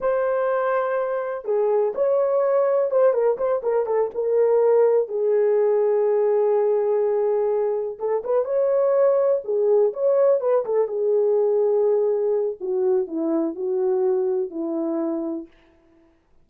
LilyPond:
\new Staff \with { instrumentName = "horn" } { \time 4/4 \tempo 4 = 124 c''2. gis'4 | cis''2 c''8 ais'8 c''8 ais'8 | a'8 ais'2 gis'4.~ | gis'1~ |
gis'8 a'8 b'8 cis''2 gis'8~ | gis'8 cis''4 b'8 a'8 gis'4.~ | gis'2 fis'4 e'4 | fis'2 e'2 | }